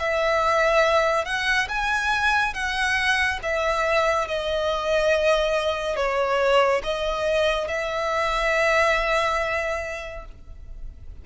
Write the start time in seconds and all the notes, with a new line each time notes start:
0.00 E5
1.25 F#5
1.69 G#5
2.54 F#5
3.43 E5
4.28 D#5
5.96 C#5
6.84 D#5
7.68 E5